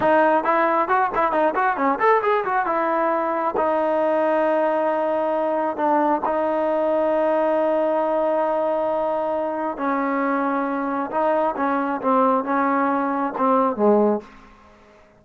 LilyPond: \new Staff \with { instrumentName = "trombone" } { \time 4/4 \tempo 4 = 135 dis'4 e'4 fis'8 e'8 dis'8 fis'8 | cis'8 a'8 gis'8 fis'8 e'2 | dis'1~ | dis'4 d'4 dis'2~ |
dis'1~ | dis'2 cis'2~ | cis'4 dis'4 cis'4 c'4 | cis'2 c'4 gis4 | }